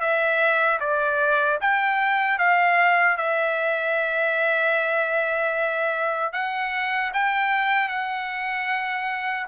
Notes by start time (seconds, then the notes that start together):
0.00 E5
0.80 D5
1.60 G5
2.38 F5
3.17 E5
6.32 F#5
7.13 G5
7.88 F#5